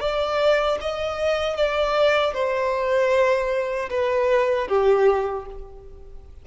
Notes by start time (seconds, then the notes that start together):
0.00 D5
0.81 D#5
1.57 D5
2.34 C5
3.90 B4
4.68 G4